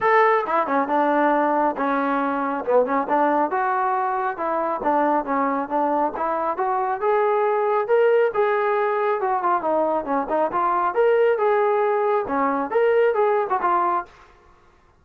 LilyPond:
\new Staff \with { instrumentName = "trombone" } { \time 4/4 \tempo 4 = 137 a'4 e'8 cis'8 d'2 | cis'2 b8 cis'8 d'4 | fis'2 e'4 d'4 | cis'4 d'4 e'4 fis'4 |
gis'2 ais'4 gis'4~ | gis'4 fis'8 f'8 dis'4 cis'8 dis'8 | f'4 ais'4 gis'2 | cis'4 ais'4 gis'8. fis'16 f'4 | }